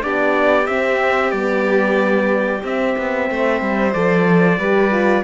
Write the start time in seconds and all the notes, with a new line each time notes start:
0.00 B3 D4 G4 D5
0.67 C4 E5
1.31 G3 B3 D5
2.63 C4 E5
2.98 B3
3.30 A3 C5
3.62 G3
3.93 F3 A4 D5
4.59 G3 G4 B4
4.91 F4